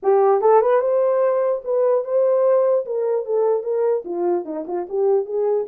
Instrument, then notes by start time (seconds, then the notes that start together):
horn
0.03 G4
0.41 A4
0.61 B4
0.81 C5
1.64 B4
2.04 C5
2.85 A#4
3.25 A4
3.63 A#4
4.04 F4
4.45 D#4
4.67 F4
4.89 G4
5.25 G#4